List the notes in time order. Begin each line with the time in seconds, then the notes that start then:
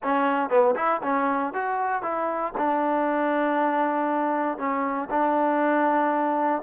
0.03 C#4
0.49 B3
0.76 E4
1.02 C#4
1.53 F#4
2.02 E4
2.57 D4
4.58 C#4
5.09 D4